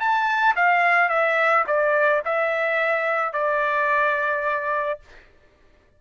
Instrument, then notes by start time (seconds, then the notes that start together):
trumpet
0.00 A5
0.56 F5
1.09 E5
1.67 D5
2.25 E5
3.33 D5